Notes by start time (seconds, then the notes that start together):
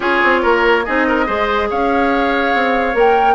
0.00 C#4 F4 G#4 C#5
0.23 C4
0.42 A#3 A#4
0.84 C4 D#4 G#4 D#5
1.07 A#4
1.26 G#3 G#4 C5
1.69 C#4 C#5 F5
2.54 C4
2.93 A#3 A#4 G5